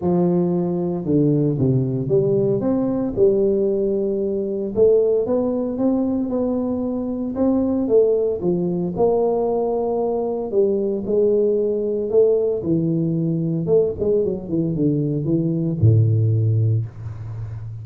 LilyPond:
\new Staff \with { instrumentName = "tuba" } { \time 4/4 \tempo 4 = 114 f2 d4 c4 | g4 c'4 g2~ | g4 a4 b4 c'4 | b2 c'4 a4 |
f4 ais2. | g4 gis2 a4 | e2 a8 gis8 fis8 e8 | d4 e4 a,2 | }